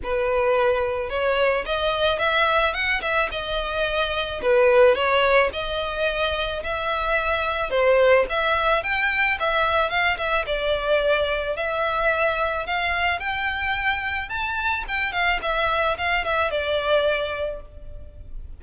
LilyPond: \new Staff \with { instrumentName = "violin" } { \time 4/4 \tempo 4 = 109 b'2 cis''4 dis''4 | e''4 fis''8 e''8 dis''2 | b'4 cis''4 dis''2 | e''2 c''4 e''4 |
g''4 e''4 f''8 e''8 d''4~ | d''4 e''2 f''4 | g''2 a''4 g''8 f''8 | e''4 f''8 e''8 d''2 | }